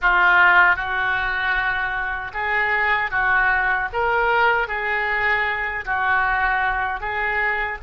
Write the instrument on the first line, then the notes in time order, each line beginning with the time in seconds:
oboe
0.01 F4
0.75 F#4
2.33 G#4
3.10 F#4
3.92 A#4
4.68 G#4
5.85 F#4
7.00 G#4